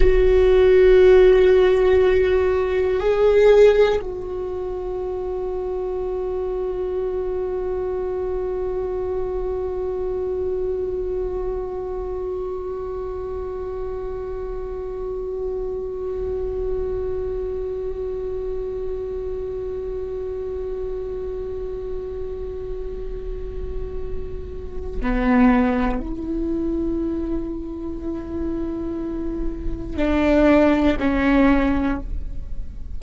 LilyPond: \new Staff \with { instrumentName = "viola" } { \time 4/4 \tempo 4 = 60 fis'2. gis'4 | fis'1~ | fis'1~ | fis'1~ |
fis'1~ | fis'1~ | fis'4 b4 e'2~ | e'2 d'4 cis'4 | }